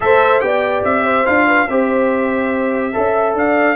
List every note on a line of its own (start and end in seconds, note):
0.00 0.42 A3
0.00 0.40 A4
0.00 0.45 C5
0.00 0.40 E5
0.40 0.84 B3
0.40 1.24 G4
0.40 1.03 D5
0.40 0.82 G5
0.84 1.26 C4
0.84 1.26 E5
1.03 1.45 C5
1.25 1.67 D4
1.25 1.67 F4
1.25 1.68 F5
1.47 1.68 B4
1.67 2.93 C4
1.67 2.92 G4
1.67 2.94 C5
1.67 3.35 E5
2.92 3.34 C#4
2.92 3.76 A4
2.92 3.36 E5
3.34 3.76 D4
3.34 3.76 D5
3.34 3.76 F5